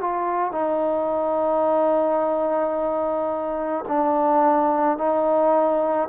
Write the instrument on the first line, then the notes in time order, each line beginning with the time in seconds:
trombone
0.00 F4
0.52 D#4
3.88 D4
4.97 D#4